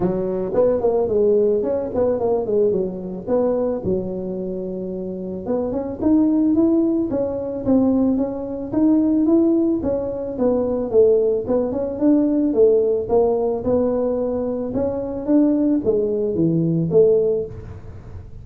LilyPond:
\new Staff \with { instrumentName = "tuba" } { \time 4/4 \tempo 4 = 110 fis4 b8 ais8 gis4 cis'8 b8 | ais8 gis8 fis4 b4 fis4~ | fis2 b8 cis'8 dis'4 | e'4 cis'4 c'4 cis'4 |
dis'4 e'4 cis'4 b4 | a4 b8 cis'8 d'4 a4 | ais4 b2 cis'4 | d'4 gis4 e4 a4 | }